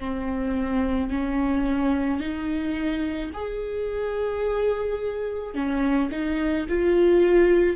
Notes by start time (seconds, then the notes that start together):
0.00 C4
1.10 C#4
2.20 D#4
3.34 G#4
5.54 C#4
6.11 D#4
6.69 F4